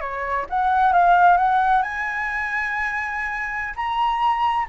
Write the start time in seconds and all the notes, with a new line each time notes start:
0.00 C#5
0.50 F#5
0.92 F5
1.37 F#5
1.82 G#5
3.76 A#5